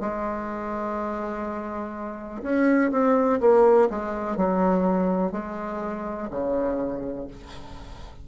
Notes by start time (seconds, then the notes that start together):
0.00 G#3
2.42 C#4
2.91 C4
3.40 A#3
3.89 G#3
4.36 F#3
5.31 G#3
6.30 C#3